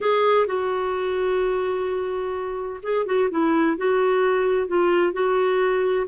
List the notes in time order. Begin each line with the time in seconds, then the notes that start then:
0.00 G#4
0.46 F#4
2.83 G#4
3.06 F#4
3.30 E4
3.77 F#4
4.67 F4
5.13 F#4